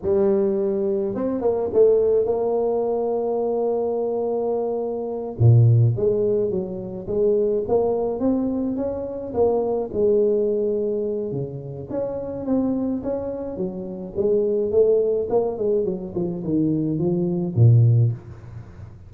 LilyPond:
\new Staff \with { instrumentName = "tuba" } { \time 4/4 \tempo 4 = 106 g2 c'8 ais8 a4 | ais1~ | ais4. ais,4 gis4 fis8~ | fis8 gis4 ais4 c'4 cis'8~ |
cis'8 ais4 gis2~ gis8 | cis4 cis'4 c'4 cis'4 | fis4 gis4 a4 ais8 gis8 | fis8 f8 dis4 f4 ais,4 | }